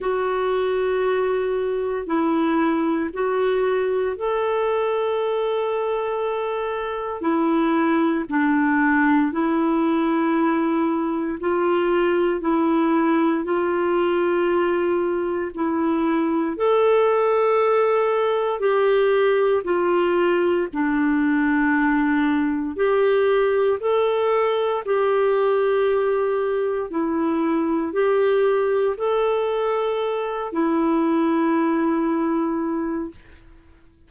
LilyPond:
\new Staff \with { instrumentName = "clarinet" } { \time 4/4 \tempo 4 = 58 fis'2 e'4 fis'4 | a'2. e'4 | d'4 e'2 f'4 | e'4 f'2 e'4 |
a'2 g'4 f'4 | d'2 g'4 a'4 | g'2 e'4 g'4 | a'4. e'2~ e'8 | }